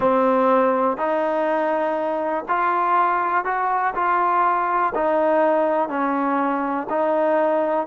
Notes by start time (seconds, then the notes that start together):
0.00 C4
0.97 D#4
2.48 F4
3.44 F#4
3.94 F4
4.94 D#4
5.88 C#4
6.89 D#4